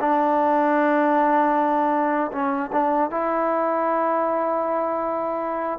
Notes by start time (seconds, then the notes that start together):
0.00 D4
2.31 C#4
2.72 D4
3.10 E4